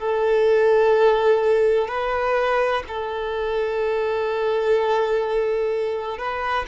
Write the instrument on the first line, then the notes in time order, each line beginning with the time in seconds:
violin
0.00 A4
1.88 B4
2.88 A4
6.18 B4